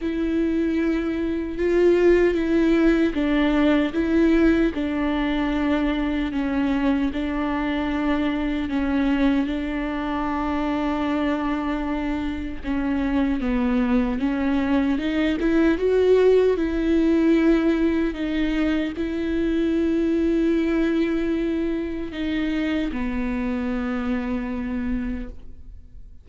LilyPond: \new Staff \with { instrumentName = "viola" } { \time 4/4 \tempo 4 = 76 e'2 f'4 e'4 | d'4 e'4 d'2 | cis'4 d'2 cis'4 | d'1 |
cis'4 b4 cis'4 dis'8 e'8 | fis'4 e'2 dis'4 | e'1 | dis'4 b2. | }